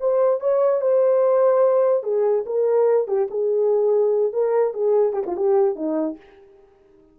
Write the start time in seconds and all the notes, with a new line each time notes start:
0.00 C5
0.40 C#5
0.81 C5
2.03 G#4
2.46 A#4
3.08 G4
3.30 G#4
4.33 A#4
4.74 G#4
5.13 G4
5.27 F4
5.36 G4
5.76 D#4